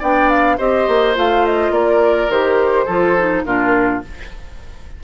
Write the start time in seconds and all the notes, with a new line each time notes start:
0.00 B3 D4 D5 G5
0.30 F5
0.58 C4 G4 C5 D#5
0.88 A#3
1.15 A3 F4 F5
1.46 D#5
1.71 A#3 A#4 D5
2.29 D#3 G4 C5
2.85 F3 F4 A4
3.18 D#4
3.45 A#2 D4 F4 A#4